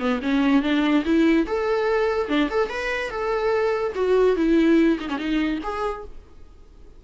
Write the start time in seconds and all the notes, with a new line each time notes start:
0.00 B3
0.23 C#4
0.63 D4
1.06 E4
1.47 A4
2.29 D4
2.51 A4
2.70 B4
3.11 A4
3.96 F#4
4.37 E4
5.00 D#4
5.10 C#4
5.18 D#4
5.64 G#4